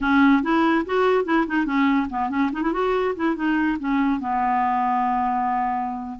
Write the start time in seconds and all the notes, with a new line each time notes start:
0.01 C#4
0.42 E4
0.85 F#4
1.25 E4
1.47 D#4
1.65 C#4
2.09 B3
2.29 C#4
2.52 D#4
2.62 E4
2.73 F#4
3.15 E4
3.35 D#4
3.79 C#4
4.19 B3